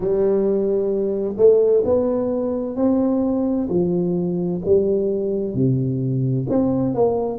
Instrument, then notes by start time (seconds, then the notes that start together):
tuba
0.00 G3
1.37 A3
1.85 B3
2.76 C4
3.69 F3
4.64 G3
5.54 C3
6.49 C4
6.94 A#3